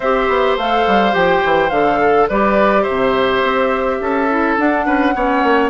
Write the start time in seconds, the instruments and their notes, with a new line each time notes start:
0.00 bassoon C4, clarinet G4, oboe C5, flute E5
0.28 bassoon B3
0.56 bassoon A3, clarinet A4, flute F5
0.86 bassoon G3
1.11 bassoon F3, clarinet G4, flute G5
1.44 bassoon E3
1.69 bassoon D3, clarinet A4, flute F5
2.01 oboe A4
2.28 bassoon G3, clarinet G4, oboe B4, flute D5
2.82 bassoon C3, oboe C5, flute E5
3.43 bassoon C4
4.00 bassoon C#4, oboe A4
4.30 clarinet E4
4.57 clarinet D4, bassoon D4, flute F#5
4.85 bassoon C#4, oboe B4
5.14 bassoon B3, clarinet C#4, oboe C#5
5.43 bassoon A#3